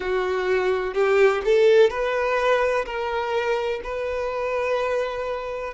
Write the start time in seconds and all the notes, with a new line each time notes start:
0.00 F#4
0.94 G4
1.44 A4
1.90 B4
2.85 A#4
3.84 B4